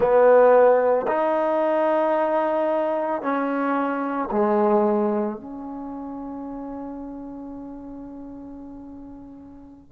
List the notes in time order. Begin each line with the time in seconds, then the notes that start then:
0.00 B3
1.07 D#4
3.21 C#4
4.31 G#3
5.36 C#4